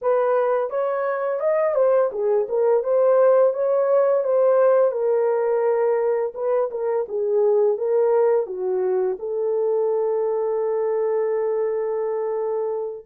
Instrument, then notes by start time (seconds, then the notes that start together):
horn
0.01 B4
0.70 C#5
1.40 D#5
1.75 C5
2.11 G#4
2.48 A#4
2.83 C5
3.53 C#5
4.24 C5
4.91 A#4
6.34 B4
6.71 A#4
7.08 G#4
7.77 A#4
8.46 F#4
9.19 A4